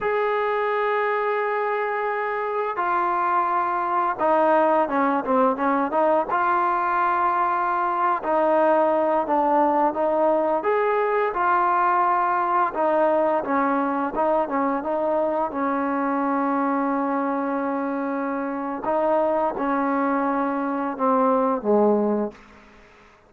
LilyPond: \new Staff \with { instrumentName = "trombone" } { \time 4/4 \tempo 4 = 86 gis'1 | f'2 dis'4 cis'8 c'8 | cis'8 dis'8 f'2~ f'8. dis'16~ | dis'4~ dis'16 d'4 dis'4 gis'8.~ |
gis'16 f'2 dis'4 cis'8.~ | cis'16 dis'8 cis'8 dis'4 cis'4.~ cis'16~ | cis'2. dis'4 | cis'2 c'4 gis4 | }